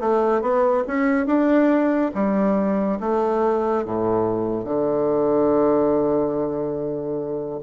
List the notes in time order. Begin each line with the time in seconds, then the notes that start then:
0.00 A3
0.41 B3
0.87 C#4
1.26 D4
2.14 G3
3.00 A3
3.85 A2
4.64 D3